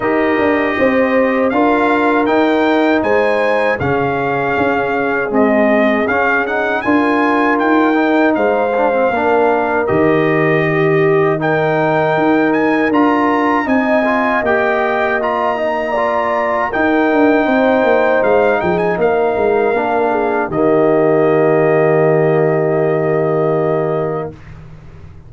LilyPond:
<<
  \new Staff \with { instrumentName = "trumpet" } { \time 4/4 \tempo 4 = 79 dis''2 f''4 g''4 | gis''4 f''2 dis''4 | f''8 fis''8 gis''4 g''4 f''4~ | f''4 dis''2 g''4~ |
g''8 gis''8 ais''4 gis''4 g''4 | ais''2 g''2 | f''8 g''16 gis''16 f''2 dis''4~ | dis''1 | }
  \new Staff \with { instrumentName = "horn" } { \time 4/4 ais'4 c''4 ais'2 | c''4 gis'2.~ | gis'4 ais'2 c''4 | ais'2 g'4 ais'4~ |
ais'2 dis''2~ | dis''4 d''4 ais'4 c''4~ | c''8 gis'8 ais'4. gis'8 g'4~ | g'1 | }
  \new Staff \with { instrumentName = "trombone" } { \time 4/4 g'2 f'4 dis'4~ | dis'4 cis'2 gis4 | cis'8 dis'8 f'4. dis'4 d'16 c'16 | d'4 g'2 dis'4~ |
dis'4 f'4 dis'8 f'8 g'4 | f'8 dis'8 f'4 dis'2~ | dis'2 d'4 ais4~ | ais1 | }
  \new Staff \with { instrumentName = "tuba" } { \time 4/4 dis'8 d'8 c'4 d'4 dis'4 | gis4 cis4 cis'4 c'4 | cis'4 d'4 dis'4 gis4 | ais4 dis2. |
dis'4 d'4 c'4 ais4~ | ais2 dis'8 d'8 c'8 ais8 | gis8 f8 ais8 gis8 ais4 dis4~ | dis1 | }
>>